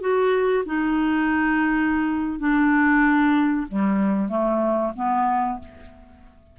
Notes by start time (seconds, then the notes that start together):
0.00 F#4
0.65 D#4
2.39 D4
3.68 G3
4.28 A3
4.95 B3